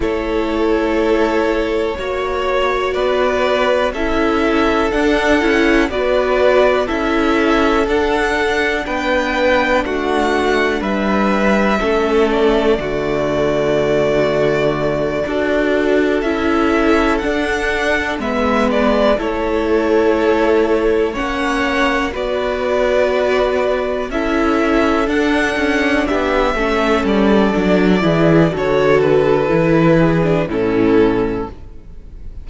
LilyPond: <<
  \new Staff \with { instrumentName = "violin" } { \time 4/4 \tempo 4 = 61 cis''2. d''4 | e''4 fis''4 d''4 e''4 | fis''4 g''4 fis''4 e''4~ | e''8 d''2.~ d''8~ |
d''8 e''4 fis''4 e''8 d''8 cis''8~ | cis''4. fis''4 d''4.~ | d''8 e''4 fis''4 e''4 d''8~ | d''4 cis''8 b'4. a'4 | }
  \new Staff \with { instrumentName = "violin" } { \time 4/4 a'2 cis''4 b'4 | a'2 b'4 a'4~ | a'4 b'4 fis'4 b'4 | a'4 fis'2~ fis'8 a'8~ |
a'2~ a'8 b'4 a'8~ | a'4. cis''4 b'4.~ | b'8 a'2 g'8 a'4~ | a'8 gis'8 a'4. gis'8 e'4 | }
  \new Staff \with { instrumentName = "viola" } { \time 4/4 e'2 fis'2 | e'4 d'8 e'8 fis'4 e'4 | d'1 | cis'4 a2~ a8 fis'8~ |
fis'8 e'4 d'4 b4 e'8~ | e'4. cis'4 fis'4.~ | fis'8 e'4 d'4. cis'4 | d'8 e'8 fis'4 e'8. d'16 cis'4 | }
  \new Staff \with { instrumentName = "cello" } { \time 4/4 a2 ais4 b4 | cis'4 d'8 cis'8 b4 cis'4 | d'4 b4 a4 g4 | a4 d2~ d8 d'8~ |
d'8 cis'4 d'4 gis4 a8~ | a4. ais4 b4.~ | b8 cis'4 d'8 cis'8 b8 a8 g8 | fis8 e8 d4 e4 a,4 | }
>>